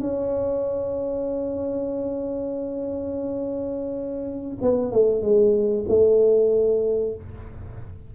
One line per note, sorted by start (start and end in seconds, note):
0.00 4.58 C#4
4.61 4.92 B3
4.92 5.22 A3
5.22 5.85 G#3
5.88 7.15 A3